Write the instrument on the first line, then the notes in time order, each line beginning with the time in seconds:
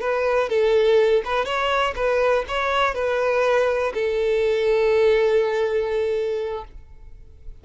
violin
0.00 B4
0.49 A4
1.25 B4
1.45 C#5
1.95 B4
2.48 C#5
2.94 B4
3.94 A4